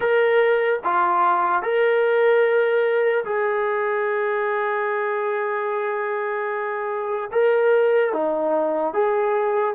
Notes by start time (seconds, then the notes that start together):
0.00 A#4
0.83 F4
1.62 A#4
3.24 G#4
7.32 A#4
8.13 D#4
8.93 G#4